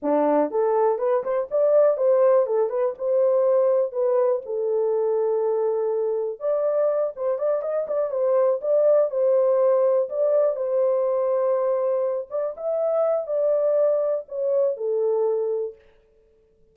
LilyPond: \new Staff \with { instrumentName = "horn" } { \time 4/4 \tempo 4 = 122 d'4 a'4 b'8 c''8 d''4 | c''4 a'8 b'8 c''2 | b'4 a'2.~ | a'4 d''4. c''8 d''8 dis''8 |
d''8 c''4 d''4 c''4.~ | c''8 d''4 c''2~ c''8~ | c''4 d''8 e''4. d''4~ | d''4 cis''4 a'2 | }